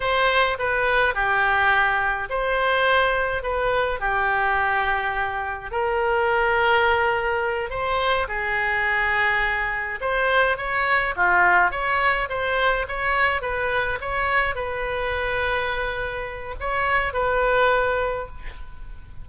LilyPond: \new Staff \with { instrumentName = "oboe" } { \time 4/4 \tempo 4 = 105 c''4 b'4 g'2 | c''2 b'4 g'4~ | g'2 ais'2~ | ais'4. c''4 gis'4.~ |
gis'4. c''4 cis''4 f'8~ | f'8 cis''4 c''4 cis''4 b'8~ | b'8 cis''4 b'2~ b'8~ | b'4 cis''4 b'2 | }